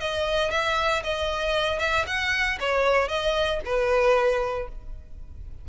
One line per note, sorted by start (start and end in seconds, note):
0.00 0.51 D#5
0.51 1.03 E5
1.04 1.79 D#5
1.79 2.05 E5
2.07 2.58 F#5
2.60 3.08 C#5
3.08 3.60 D#5
3.65 4.68 B4